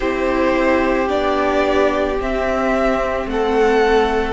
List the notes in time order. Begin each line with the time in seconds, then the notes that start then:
0.00 C4 E4 G4 C5
1.08 B3 D4 D5
2.20 C4 E5
3.25 A3 A4 F#5